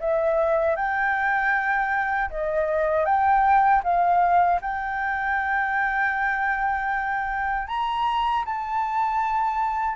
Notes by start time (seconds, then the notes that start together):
0.00 E5
0.76 G5
2.31 D#5
3.05 G5
3.84 F5
4.62 G5
7.68 A#5
8.45 A5